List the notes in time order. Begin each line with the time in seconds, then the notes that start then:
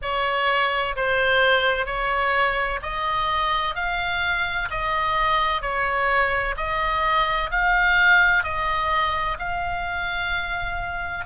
0.02 C#5
0.96 C5
1.86 C#5
2.82 D#5
3.75 F5
4.70 D#5
5.61 C#5
6.56 D#5
7.50 F5
8.43 D#5
9.38 F5